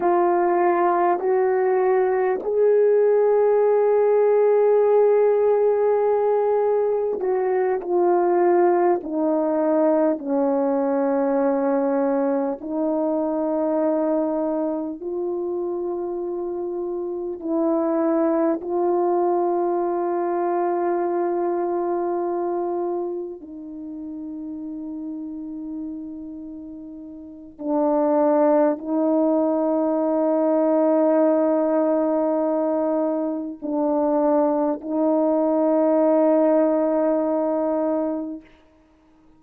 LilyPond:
\new Staff \with { instrumentName = "horn" } { \time 4/4 \tempo 4 = 50 f'4 fis'4 gis'2~ | gis'2 fis'8 f'4 dis'8~ | dis'8 cis'2 dis'4.~ | dis'8 f'2 e'4 f'8~ |
f'2.~ f'8 dis'8~ | dis'2. d'4 | dis'1 | d'4 dis'2. | }